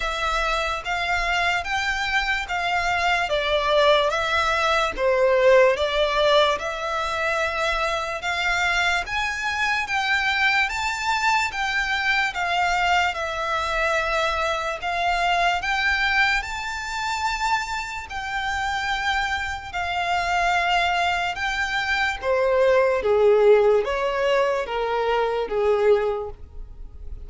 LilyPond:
\new Staff \with { instrumentName = "violin" } { \time 4/4 \tempo 4 = 73 e''4 f''4 g''4 f''4 | d''4 e''4 c''4 d''4 | e''2 f''4 gis''4 | g''4 a''4 g''4 f''4 |
e''2 f''4 g''4 | a''2 g''2 | f''2 g''4 c''4 | gis'4 cis''4 ais'4 gis'4 | }